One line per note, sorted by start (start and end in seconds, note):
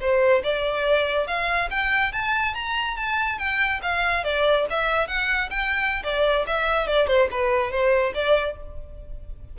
0.00 0.42 C5
0.43 1.27 D5
1.27 1.69 F5
1.70 2.12 G5
2.12 2.54 A5
2.54 2.97 A#5
2.97 3.38 A5
3.38 3.80 G5
3.82 4.23 F5
4.23 4.66 D5
4.70 5.07 E5
5.07 5.49 F#5
5.49 6.02 G5
6.03 6.46 D5
6.46 6.87 E5
6.87 7.07 D5
7.07 7.28 C5
7.31 7.71 B4
7.71 8.13 C5
8.14 8.56 D5